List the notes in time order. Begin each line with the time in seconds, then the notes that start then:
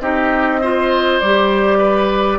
0.00 C4 D#4 G4 D#5
0.61 F4 C5
1.20 G3 G4 D5
1.78 B4